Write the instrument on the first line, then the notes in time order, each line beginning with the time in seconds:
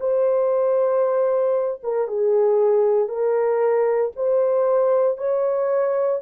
horn
0.00 C5
1.83 A#4
2.07 G#4
3.08 A#4
4.16 C5
5.17 C#5